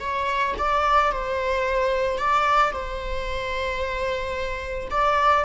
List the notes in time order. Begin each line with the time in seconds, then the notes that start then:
0.00 C#5
0.58 D5
1.11 C5
2.18 D5
2.72 C5
4.90 D5